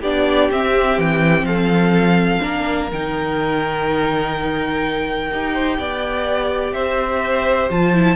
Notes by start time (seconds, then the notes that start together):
0.00 B3 D4 G4 D5
0.51 C4 E5
0.98 E3 G5
1.43 F3 A4 F5
2.40 A#3 D4 A#4
2.92 D#3 D#4 G5
5.31 D#4 G4
5.53 C5
5.78 B3 D5
6.73 C4 C5 E5
7.70 F3 F4 A5
7.94 E4